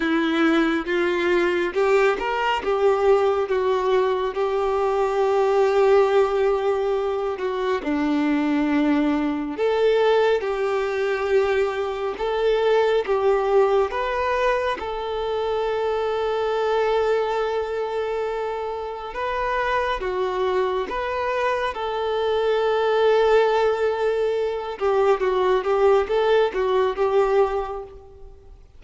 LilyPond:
\new Staff \with { instrumentName = "violin" } { \time 4/4 \tempo 4 = 69 e'4 f'4 g'8 ais'8 g'4 | fis'4 g'2.~ | g'8 fis'8 d'2 a'4 | g'2 a'4 g'4 |
b'4 a'2.~ | a'2 b'4 fis'4 | b'4 a'2.~ | a'8 g'8 fis'8 g'8 a'8 fis'8 g'4 | }